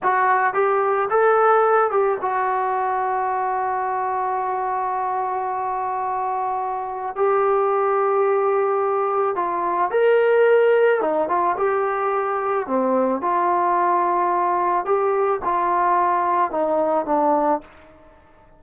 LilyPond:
\new Staff \with { instrumentName = "trombone" } { \time 4/4 \tempo 4 = 109 fis'4 g'4 a'4. g'8 | fis'1~ | fis'1~ | fis'4 g'2.~ |
g'4 f'4 ais'2 | dis'8 f'8 g'2 c'4 | f'2. g'4 | f'2 dis'4 d'4 | }